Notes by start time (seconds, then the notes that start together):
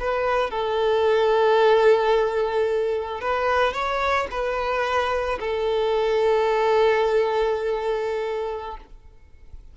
0.00 B4
0.51 A4
3.21 B4
3.73 C#5
4.31 B4
5.40 A4